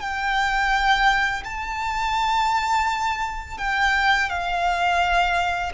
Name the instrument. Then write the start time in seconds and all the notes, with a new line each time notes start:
violin
0.00 G5
1.44 A5
3.57 G5
4.29 F5